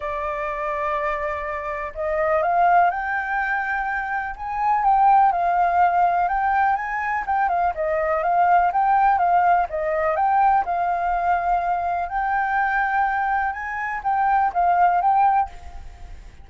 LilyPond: \new Staff \with { instrumentName = "flute" } { \time 4/4 \tempo 4 = 124 d''1 | dis''4 f''4 g''2~ | g''4 gis''4 g''4 f''4~ | f''4 g''4 gis''4 g''8 f''8 |
dis''4 f''4 g''4 f''4 | dis''4 g''4 f''2~ | f''4 g''2. | gis''4 g''4 f''4 g''4 | }